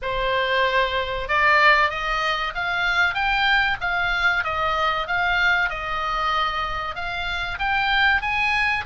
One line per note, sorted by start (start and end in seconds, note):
0.02 1.28 C5
1.28 1.89 D5
1.89 2.53 D#5
2.54 3.14 F5
3.14 3.77 G5
3.80 4.44 F5
4.44 5.07 D#5
5.07 5.69 F5
5.69 6.95 D#5
6.95 7.58 F5
7.58 8.21 G5
8.21 8.84 G#5